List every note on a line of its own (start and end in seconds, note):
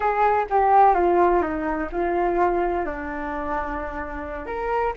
0.00 0.45 G#4
0.50 0.94 G4
0.94 1.42 F4
1.42 1.89 D#4
1.92 2.85 F4
2.85 4.46 D4
4.46 4.93 A#4